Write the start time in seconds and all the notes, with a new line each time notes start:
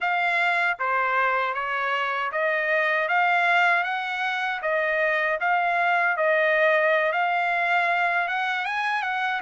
0.00 F5
0.79 C5
1.54 C#5
2.32 D#5
3.08 F5
3.83 F#5
4.62 D#5
5.40 F5
6.16 D#5
7.12 F5
8.28 F#5
8.65 G#5
9.02 F#5